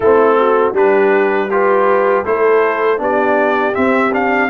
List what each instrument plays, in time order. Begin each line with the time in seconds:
0.00 tuba A3, trombone C4, horn E4, trumpet A4
0.38 horn F#4
0.71 tuba G3, trombone D4, horn G4, trumpet B4
1.50 trombone F4, trumpet G4, horn B4
2.24 tuba A3, trombone E4, horn A4, trumpet C5
2.97 tuba B3, trombone D4, horn G4, trumpet D5
3.73 trombone C4, tuba C4, trumpet E5
4.12 trombone D4, trumpet F5